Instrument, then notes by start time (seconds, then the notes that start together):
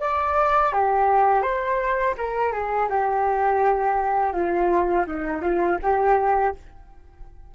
flute
0.00 D5
0.73 G4
1.42 C5
2.17 A#4
2.52 G#4
2.89 G4
4.33 F4
5.07 D#4
5.42 F4
5.82 G4